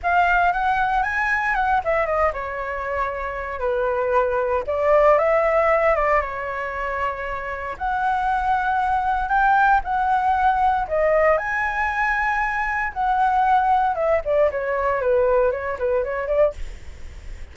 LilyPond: \new Staff \with { instrumentName = "flute" } { \time 4/4 \tempo 4 = 116 f''4 fis''4 gis''4 fis''8 e''8 | dis''8 cis''2~ cis''8 b'4~ | b'4 d''4 e''4. d''8 | cis''2. fis''4~ |
fis''2 g''4 fis''4~ | fis''4 dis''4 gis''2~ | gis''4 fis''2 e''8 d''8 | cis''4 b'4 cis''8 b'8 cis''8 d''8 | }